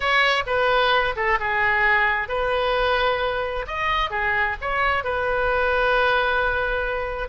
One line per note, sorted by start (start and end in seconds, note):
0.00 0.43 C#5
0.46 1.15 B4
1.16 1.39 A4
1.39 2.28 G#4
2.28 3.65 B4
3.67 4.10 D#5
4.10 4.56 G#4
4.61 5.03 C#5
5.03 7.28 B4